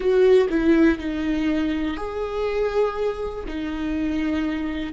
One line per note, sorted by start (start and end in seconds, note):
0.00 0.47 F#4
0.49 0.98 E4
0.98 1.96 D#4
1.96 3.44 G#4
3.47 4.92 D#4